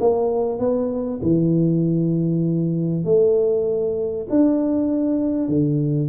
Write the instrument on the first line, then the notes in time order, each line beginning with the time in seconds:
tuba
0.00 A#3
0.59 B3
1.22 E3
3.04 A3
4.30 D4
5.48 D3